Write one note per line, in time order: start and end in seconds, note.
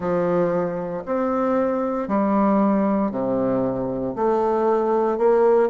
0.00 1.03 F3
1.05 2.07 C4
2.07 3.11 G3
3.11 4.14 C3
4.15 5.18 A3
5.18 5.69 A#3